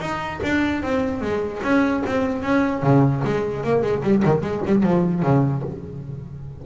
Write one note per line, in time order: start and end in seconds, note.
0.00 0.40 D#4
0.43 0.82 D4
0.82 1.21 C4
1.21 1.61 G#3
1.63 2.03 C#4
2.06 2.42 C4
2.42 2.82 C#4
2.82 3.22 C#3
3.24 3.63 G#3
3.63 3.82 A#3
3.82 4.02 G#3
4.03 4.23 G3
4.25 4.41 D#3
4.41 4.61 G#3
4.66 4.83 G3
4.83 5.22 F3
5.22 5.62 C#3